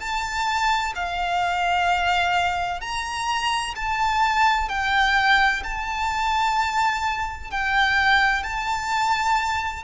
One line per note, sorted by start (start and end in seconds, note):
0.00 0.94 A5
0.96 2.81 F5
2.81 3.75 A#5
3.76 4.70 A5
4.70 5.63 G5
5.64 7.51 A5
7.51 8.44 G5
8.44 9.84 A5